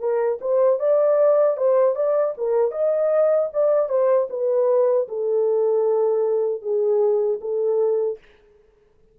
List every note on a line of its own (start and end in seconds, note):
0.00 0.39 A#4
0.41 0.79 C5
0.79 1.57 D5
1.57 1.96 C5
1.96 2.34 D5
2.37 2.71 A#4
2.71 3.50 D#5
3.53 3.89 D5
3.89 4.28 C5
4.30 5.08 B4
5.08 6.62 A4
6.62 7.40 G#4
7.41 8.19 A4